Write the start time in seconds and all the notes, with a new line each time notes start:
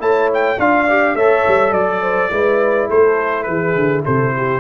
0.00 A3 E4 C#5 A5
0.34 G5
0.59 D4 F4 D5 F5
0.90 G4
1.15 A3 A4 C#5 E5
1.48 G3
1.72 F#3 D5
2.02 C5
2.31 G#3 E4 B4
2.88 A3 A4 C5
3.44 E3 G#4 B4
3.75 D3
4.05 C3 A4 C5
4.37 G4